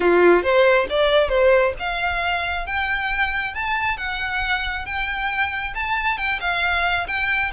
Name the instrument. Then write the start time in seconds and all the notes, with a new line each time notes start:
violin
0.00 F4
0.42 C5
0.89 D5
1.28 C5
1.79 F5
2.66 G5
3.54 A5
3.97 F#5
4.85 G5
5.74 A5
6.17 G5
6.40 F5
7.07 G5